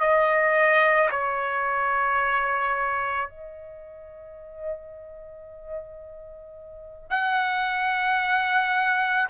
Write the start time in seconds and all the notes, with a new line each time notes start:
0.00 D#5
1.11 C#5
3.29 D#5
7.10 F#5